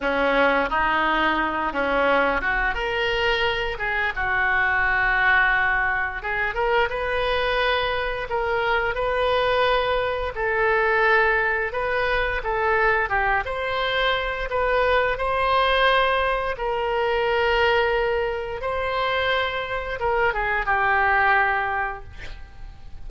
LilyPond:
\new Staff \with { instrumentName = "oboe" } { \time 4/4 \tempo 4 = 87 cis'4 dis'4. cis'4 fis'8 | ais'4. gis'8 fis'2~ | fis'4 gis'8 ais'8 b'2 | ais'4 b'2 a'4~ |
a'4 b'4 a'4 g'8 c''8~ | c''4 b'4 c''2 | ais'2. c''4~ | c''4 ais'8 gis'8 g'2 | }